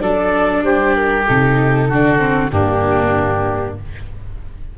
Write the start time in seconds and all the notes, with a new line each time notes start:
0.00 F#3 D4 A4 D5
0.63 G3 G4 C5
0.95 A#4
1.27 C3 D#4 A4
1.89 D3 D4 F#4
2.18 C4
2.51 G2 A#3 D4 G4